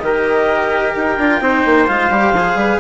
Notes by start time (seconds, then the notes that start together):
0.00 D#3 G4 A#4 D#5
0.96 D#4 G5
1.18 D4 F4
1.41 C4 D#4 C5
1.66 A#3
1.88 G#3 F4 F5
2.10 G3 G4
2.33 F3 G#4
2.55 G3 B4